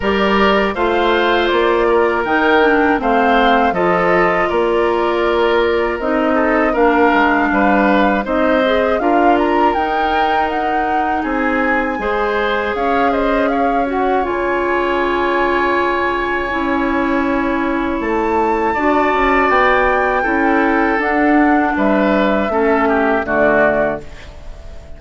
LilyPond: <<
  \new Staff \with { instrumentName = "flute" } { \time 4/4 \tempo 4 = 80 d''4 f''4 d''4 g''4 | f''4 dis''4 d''2 | dis''4 f''2 dis''4 | f''8 ais''8 g''4 fis''4 gis''4~ |
gis''4 f''8 dis''8 f''8 fis''8 gis''4~ | gis''1 | a''2 g''2 | fis''4 e''2 d''4 | }
  \new Staff \with { instrumentName = "oboe" } { \time 4/4 ais'4 c''4. ais'4. | c''4 a'4 ais'2~ | ais'8 a'8 ais'4 b'4 c''4 | ais'2. gis'4 |
c''4 cis''8 c''8 cis''2~ | cis''1~ | cis''4 d''2 a'4~ | a'4 b'4 a'8 g'8 fis'4 | }
  \new Staff \with { instrumentName = "clarinet" } { \time 4/4 g'4 f'2 dis'8 d'8 | c'4 f'2. | dis'4 d'2 dis'8 gis'8 | f'4 dis'2. |
gis'2~ gis'8 fis'8 f'4~ | f'2 e'2~ | e'4 fis'2 e'4 | d'2 cis'4 a4 | }
  \new Staff \with { instrumentName = "bassoon" } { \time 4/4 g4 a4 ais4 dis4 | a4 f4 ais2 | c'4 ais8 gis8 g4 c'4 | d'4 dis'2 c'4 |
gis4 cis'2 cis4~ | cis2 cis'2 | a4 d'8 cis'8 b4 cis'4 | d'4 g4 a4 d4 | }
>>